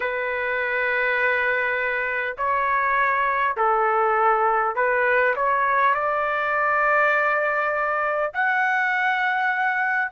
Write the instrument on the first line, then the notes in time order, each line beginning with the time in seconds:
trumpet
0.00 B4
2.37 C#5
3.56 A4
4.75 B4
5.36 C#5
5.94 D5
8.33 F#5